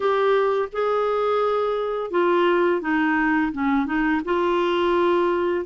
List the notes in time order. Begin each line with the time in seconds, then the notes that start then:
0.00 G4
0.72 G#4
2.10 F4
2.81 D#4
3.52 C#4
3.86 D#4
4.24 F4